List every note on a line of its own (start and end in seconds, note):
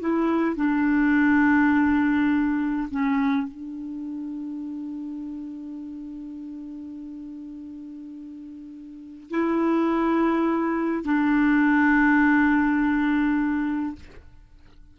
0.00 0.56 E4
0.56 2.89 D4
2.91 3.48 C#4
3.48 9.30 D4
9.30 11.04 E4
11.04 13.95 D4